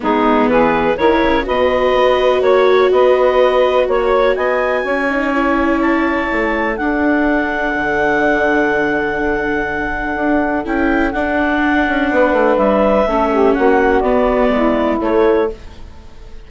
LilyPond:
<<
  \new Staff \with { instrumentName = "clarinet" } { \time 4/4 \tempo 4 = 124 gis'4 b'4 cis''4 dis''4~ | dis''4 cis''4 dis''2 | cis''4 gis''2. | a''2 fis''2~ |
fis''1~ | fis''2 g''4 fis''4~ | fis''2 e''2 | fis''4 d''2 cis''4 | }
  \new Staff \with { instrumentName = "saxophone" } { \time 4/4 dis'4 gis'4 ais'4 b'4~ | b'4 cis''4 b'2 | cis''4 dis''4 cis''2~ | cis''2 a'2~ |
a'1~ | a'1~ | a'4 b'2 a'8 g'8 | fis'2 e'2 | }
  \new Staff \with { instrumentName = "viola" } { \time 4/4 b2 e'4 fis'4~ | fis'1~ | fis'2~ fis'8 dis'8 e'4~ | e'2 d'2~ |
d'1~ | d'2 e'4 d'4~ | d'2. cis'4~ | cis'4 b2 a4 | }
  \new Staff \with { instrumentName = "bassoon" } { \time 4/4 gis4 e4 dis8 cis8 b,4 | b4 ais4 b2 | ais4 b4 cis'2~ | cis'4 a4 d'2 |
d1~ | d4 d'4 cis'4 d'4~ | d'8 cis'8 b8 a8 g4 a4 | ais4 b4 gis4 a4 | }
>>